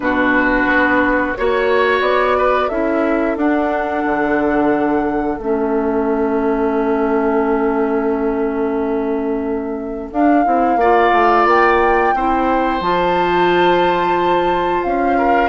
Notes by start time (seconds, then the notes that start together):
0.00 B2 D4 F#4 B4
0.66 B3
1.35 A#3 F#4 C#5
2.00 B3 D5
2.37 B4
2.68 C#4 E4 A4 E5
3.37 D4 F#5
4.05 D3
5.37 A3 C#4 E5
10.12 D4 F5
10.44 C4 E4
10.76 A#3 F4 D5
11.12 A3
11.45 A#3 G5
12.14 C4 E4 C5
12.80 F3 F4 A5
14.83 C#4 F5
15.18 A#4